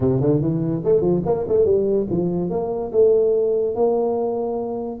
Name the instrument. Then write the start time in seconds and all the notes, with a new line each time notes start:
tuba
0.00 C3
0.20 D3
0.41 E3
0.84 A3
1.01 F3
1.25 A#3
1.48 A3
1.65 G3
2.10 F3
2.50 A#3
2.92 A3
3.75 A#3